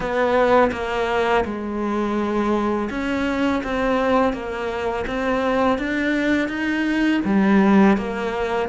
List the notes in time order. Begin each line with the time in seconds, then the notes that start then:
0.00 B3
0.72 A#3
1.44 G#3
2.89 C#4
3.63 C4
4.33 A#3
5.06 C4
5.78 D4
6.48 D#4
7.25 G3
7.97 A#3